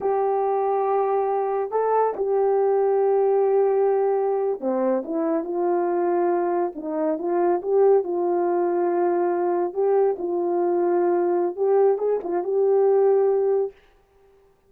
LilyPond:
\new Staff \with { instrumentName = "horn" } { \time 4/4 \tempo 4 = 140 g'1 | a'4 g'2.~ | g'2~ g'8. c'4 e'16~ | e'8. f'2. dis'16~ |
dis'8. f'4 g'4 f'4~ f'16~ | f'2~ f'8. g'4 f'16~ | f'2. g'4 | gis'8 f'8 g'2. | }